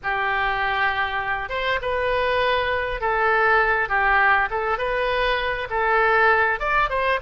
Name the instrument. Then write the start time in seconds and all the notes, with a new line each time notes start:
oboe
0.03 G4
1.49 C5
1.81 B4
3.00 A4
3.88 G4
4.50 A4
4.78 B4
5.70 A4
6.59 D5
6.89 C5